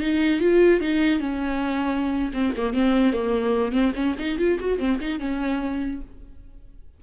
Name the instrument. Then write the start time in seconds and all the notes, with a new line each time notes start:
viola
0.00 D#4
0.41 F4
0.81 D#4
1.20 C#4
2.34 C4
2.57 A#3
2.74 C4
3.13 A#3
3.73 C4
3.96 C#4
4.19 D#4
4.38 F4
4.60 F#4
4.79 C4
5.01 D#4
5.19 C#4